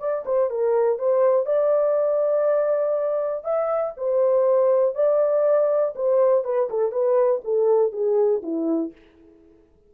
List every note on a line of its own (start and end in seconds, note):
0.00 0.25 D5
0.26 0.51 C5
0.51 0.99 A#4
0.99 1.46 C5
1.46 3.45 D5
3.45 3.94 E5
3.97 4.96 C5
4.96 5.95 D5
5.96 6.45 C5
6.45 6.69 B4
6.70 6.92 A4
6.92 7.42 B4
7.44 7.92 A4
7.92 8.42 G#4
8.43 8.93 E4